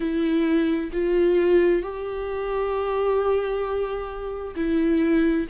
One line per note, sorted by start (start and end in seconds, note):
0.00 0.90 E4
0.92 1.82 F4
1.82 4.55 G4
4.56 5.47 E4